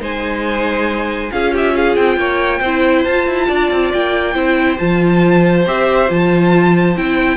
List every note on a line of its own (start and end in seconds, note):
0.00 1.30 G#3
0.00 1.31 D#4
0.00 1.32 C5
0.00 1.32 G#5
1.32 1.97 C#4
1.32 2.62 F4
1.32 1.53 G#4
1.32 1.54 F5
1.53 1.74 G4
1.53 1.76 E5
1.75 2.19 G#4
1.75 1.96 F5
1.96 2.16 C4
1.96 3.04 G5
2.16 2.60 A#3
2.16 2.60 C#5
2.60 3.04 C4
2.60 3.08 E4
2.60 3.46 C5
3.04 3.27 F4
3.04 4.34 F4
3.04 3.91 A5
3.27 3.49 E4
3.48 3.71 D4
3.48 4.35 D5
3.71 3.93 C4
3.93 4.35 A#3
3.93 4.78 G5
4.34 4.78 C4
4.34 4.77 E4
4.34 7.37 C5
4.78 5.66 F3
4.78 5.65 F4
4.78 5.65 A5
5.66 6.10 C4
5.66 6.08 G4
5.66 6.10 E5
6.08 6.97 F3
6.08 6.95 F4
6.08 6.97 A5
6.96 7.37 C4
6.96 7.37 E4
6.96 7.37 G5